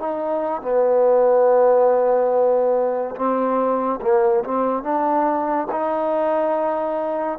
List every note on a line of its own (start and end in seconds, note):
0.00 0.62 D#4
0.62 3.16 B3
3.16 4.00 C4
4.02 4.44 A#3
4.45 4.84 C4
4.84 5.68 D4
5.72 7.39 D#4